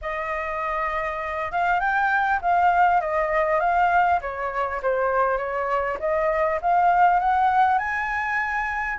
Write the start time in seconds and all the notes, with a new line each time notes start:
0.01 D#5
1.51 F5
1.79 G5
2.41 F5
3.00 D#5
3.59 F5
4.21 C#5
4.82 C5
5.37 C#5
5.99 D#5
6.61 F5
7.19 F#5
7.78 G#5